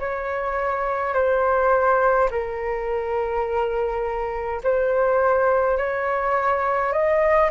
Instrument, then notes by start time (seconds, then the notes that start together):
flute
0.00 C#5
1.14 C5
2.31 A#4
4.64 C5
5.78 C#5
6.93 D#5